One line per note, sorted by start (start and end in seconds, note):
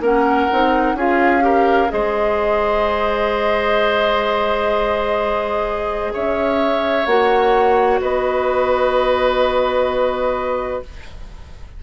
0.00 0.47 A#3
0.00 0.50 C#4
0.00 0.95 A#4
0.00 0.98 F#5
0.51 0.94 C4
0.51 0.97 D#4
0.94 1.88 C#4
0.94 1.40 F4
0.94 1.43 G#4
0.94 1.91 F5
1.40 1.87 G4
1.40 1.91 A#4
1.88 6.14 G#3
1.88 7.04 G#4
1.88 6.12 C5
1.88 6.12 D#5
6.12 7.06 C#4
6.12 8.00 C#5
6.12 7.05 E5
7.05 7.99 A#3
7.05 10.82 F#4
7.05 7.99 F#5
8.01 10.83 B3
8.01 10.82 B4
8.01 10.83 D#5